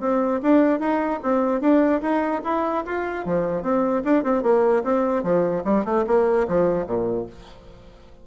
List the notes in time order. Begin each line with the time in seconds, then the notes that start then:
0.00 C4
0.42 D4
0.80 D#4
1.23 C4
1.61 D4
2.01 D#4
2.44 E4
2.85 F4
3.25 F3
3.62 C4
4.04 D4
4.24 C4
4.43 A#3
4.84 C4
5.23 F3
5.64 G3
5.84 A3
6.07 A#3
6.48 F3
6.86 A#2